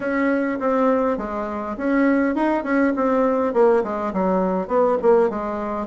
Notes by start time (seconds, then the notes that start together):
0.00 C#4
0.59 C4
1.17 G#3
1.77 C#4
2.35 D#4
2.63 C#4
2.96 C4
3.53 A#3
3.83 G#3
4.13 F#3
4.67 B3
5.02 A#3
5.29 G#3